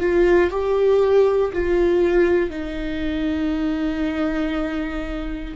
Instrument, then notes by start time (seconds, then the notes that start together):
viola
0.00 F4
0.50 G4
1.53 F4
2.50 D#4